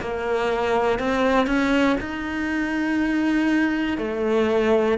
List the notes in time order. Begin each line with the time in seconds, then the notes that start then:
0.00 A#3
1.00 C4
1.47 C#4
2.00 D#4
3.98 A3